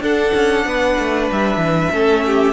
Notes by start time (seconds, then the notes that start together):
0.00 D4 A4 F#5
0.34 C#4
0.65 B3 B4
0.99 A3
1.31 G3 E5
1.57 E3
1.92 A3 C#4 A4
2.26 G4